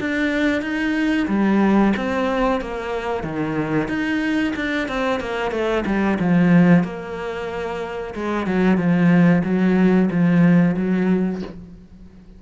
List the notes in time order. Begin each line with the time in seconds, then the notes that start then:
0.00 D4
0.62 D#4
1.28 G3
1.97 C4
2.61 A#3
3.23 D#3
3.88 D#4
4.55 D4
4.88 C4
5.20 A#3
5.51 A3
5.85 G3
6.19 F3
6.84 A#3
8.14 G#3
8.47 F#3
8.77 F3
9.44 F#3
10.10 F3
10.76 F#3